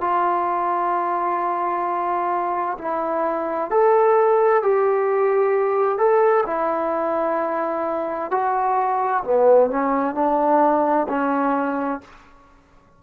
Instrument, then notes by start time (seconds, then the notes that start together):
trombone
0.00 F4
2.78 E4
3.70 A4
4.62 G4
5.98 A4
6.46 E4
8.31 F#4
9.24 B3
9.70 C#4
10.14 D4
11.08 C#4